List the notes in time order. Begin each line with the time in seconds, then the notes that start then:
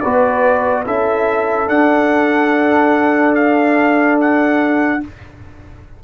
0.00 B3 F#4 B4 D5
0.85 C#4 E4 A4 E5
1.67 D4 F#5
3.35 F5
4.20 F#5